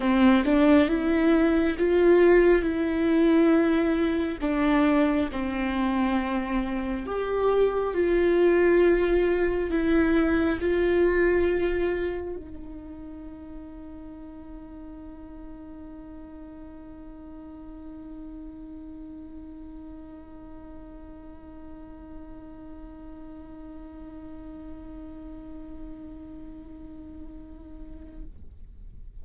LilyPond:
\new Staff \with { instrumentName = "viola" } { \time 4/4 \tempo 4 = 68 c'8 d'8 e'4 f'4 e'4~ | e'4 d'4 c'2 | g'4 f'2 e'4 | f'2 dis'2~ |
dis'1~ | dis'1~ | dis'1~ | dis'1 | }